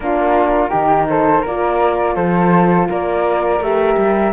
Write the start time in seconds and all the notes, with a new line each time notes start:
0.00 A#3 D4 F4 A#4
0.69 D#3 D#4 G4
1.09 A4 C5
1.41 A#3 F4 A#4 D5
2.15 F3 A4 C5
2.89 A#3 A#4 D5
3.60 A3 G4 E5
3.97 G3